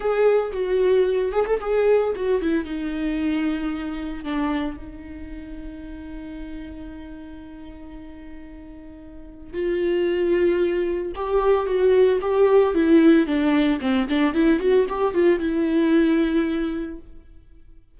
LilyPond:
\new Staff \with { instrumentName = "viola" } { \time 4/4 \tempo 4 = 113 gis'4 fis'4. gis'16 a'16 gis'4 | fis'8 e'8 dis'2. | d'4 dis'2.~ | dis'1~ |
dis'2 f'2~ | f'4 g'4 fis'4 g'4 | e'4 d'4 c'8 d'8 e'8 fis'8 | g'8 f'8 e'2. | }